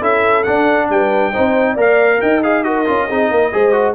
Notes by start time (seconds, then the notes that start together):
0.00 C#4 E4 A4 E5
0.44 D4 F#5
0.90 G3 B4 G5
1.33 C4 D#4 C5
1.73 A#3 A#4 D5
1.81 F5
2.21 D#4 D#5 G5
2.44 G#4 F5
2.64 F#4 A#4 D#5
2.86 C#4 F4
3.10 C4 D#4 G#4
3.30 A#3 A#4
3.53 G#3 G#4 C5
3.73 F#4